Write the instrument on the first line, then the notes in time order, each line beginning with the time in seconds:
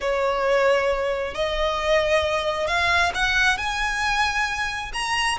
violin
0.00 C#5
1.34 D#5
2.67 F5
3.14 F#5
3.57 G#5
4.93 A#5